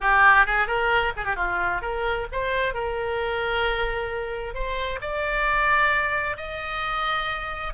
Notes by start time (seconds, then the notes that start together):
0.00 G4
0.46 G#4
0.67 A#4
1.16 G#4
1.24 G4
1.36 F4
1.81 A#4
2.31 C5
2.74 A#4
4.54 C5
5.01 D5
6.36 D#5